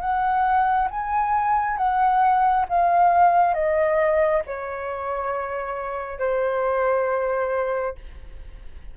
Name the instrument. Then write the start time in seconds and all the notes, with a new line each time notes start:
flute
0.00 F#5
0.90 G#5
1.77 F#5
2.69 F5
3.54 D#5
4.46 C#5
6.19 C5